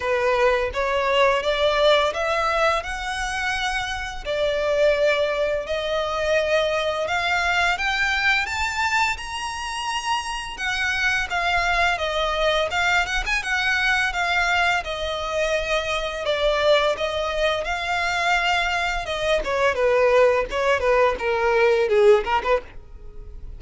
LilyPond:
\new Staff \with { instrumentName = "violin" } { \time 4/4 \tempo 4 = 85 b'4 cis''4 d''4 e''4 | fis''2 d''2 | dis''2 f''4 g''4 | a''4 ais''2 fis''4 |
f''4 dis''4 f''8 fis''16 gis''16 fis''4 | f''4 dis''2 d''4 | dis''4 f''2 dis''8 cis''8 | b'4 cis''8 b'8 ais'4 gis'8 ais'16 b'16 | }